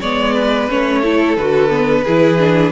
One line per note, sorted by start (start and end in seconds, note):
0.00 0.69 G#3
0.00 0.69 B3
0.00 0.33 C#5
0.00 0.69 D5
0.33 1.01 B4
0.69 1.37 A3
0.69 1.03 C#4
0.69 1.36 C#5
1.02 1.37 E4
1.02 2.04 A4
1.36 2.05 D3
1.36 1.69 F#4
1.36 2.72 B4
1.69 2.03 B3
2.04 2.72 E3
2.04 2.38 E4
2.04 2.72 G#4
2.38 2.72 D4